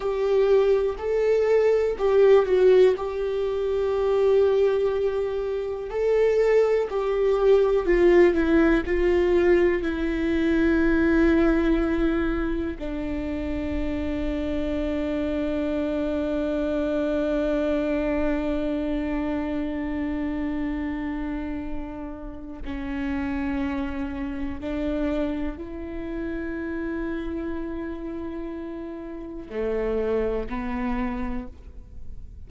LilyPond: \new Staff \with { instrumentName = "viola" } { \time 4/4 \tempo 4 = 61 g'4 a'4 g'8 fis'8 g'4~ | g'2 a'4 g'4 | f'8 e'8 f'4 e'2~ | e'4 d'2.~ |
d'1~ | d'2. cis'4~ | cis'4 d'4 e'2~ | e'2 a4 b4 | }